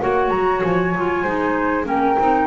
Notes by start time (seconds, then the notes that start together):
0.00 A#3 F#4 C#5 F#5
0.30 F#3 A#5
0.62 F3 G#5
0.95 F#3 F4
1.23 G#3 D#4 C5
1.84 A#3 C#4 A#4 G5
2.19 C4 D#4